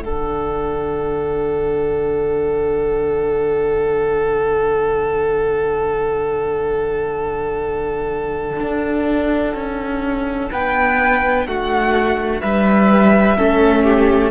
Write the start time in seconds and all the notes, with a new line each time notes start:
0.00 D3 D4 A4 F#5
8.60 D4
9.55 C#4
10.52 B3 B4 G5
11.46 A3 F#4 F#5
12.40 G3 B4 E5
13.37 A3 C#4 A4
13.83 G4